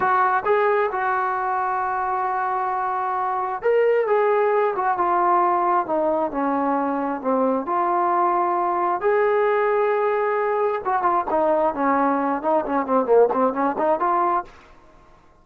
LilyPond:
\new Staff \with { instrumentName = "trombone" } { \time 4/4 \tempo 4 = 133 fis'4 gis'4 fis'2~ | fis'1 | ais'4 gis'4. fis'8 f'4~ | f'4 dis'4 cis'2 |
c'4 f'2. | gis'1 | fis'8 f'8 dis'4 cis'4. dis'8 | cis'8 c'8 ais8 c'8 cis'8 dis'8 f'4 | }